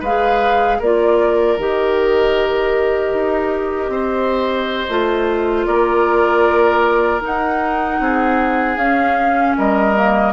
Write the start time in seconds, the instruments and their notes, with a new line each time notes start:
0.00 bassoon G#3, clarinet G#4, oboe B4, flute F5
0.79 bassoon A#3, clarinet F4, oboe A#4, flute D5
1.58 bassoon D#3, clarinet G4, flute D#5
3.13 bassoon D#4
3.89 bassoon C4, oboe C5
4.89 bassoon A3, clarinet F4
5.66 bassoon A#3, oboe A#4, flute D5
7.20 clarinet D#4, bassoon D#4, flute F#5
8.00 bassoon C4, oboe G#4
8.77 bassoon C#4, clarinet C#4, flute F5
9.58 bassoon G3, oboe A#4, flute D#5
9.96 clarinet A#3